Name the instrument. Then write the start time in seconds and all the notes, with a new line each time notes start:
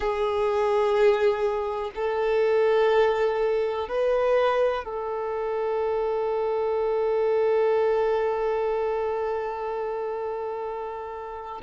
violin
0.00 G#4
1.95 A4
3.88 B4
4.84 A4